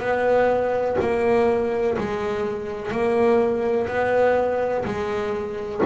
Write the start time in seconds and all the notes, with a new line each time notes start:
0.00 B3
1.01 A#3
1.98 G#3
2.91 A#3
3.88 B3
4.85 G#3